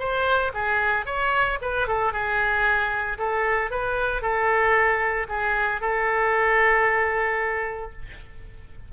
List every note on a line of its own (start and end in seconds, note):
0.00 0.53 C5
0.54 1.06 G#4
1.06 1.59 C#5
1.62 1.88 B4
1.88 2.13 A4
2.13 3.18 G#4
3.19 3.71 A4
3.71 4.22 B4
4.22 5.28 A4
5.29 5.82 G#4
5.82 7.92 A4